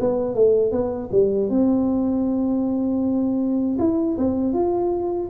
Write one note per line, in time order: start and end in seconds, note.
0.00 0.35 B3
0.35 0.71 A3
0.71 1.09 B3
1.12 1.50 G3
1.50 3.78 C4
3.79 4.17 E4
4.18 4.53 C4
4.53 5.29 F4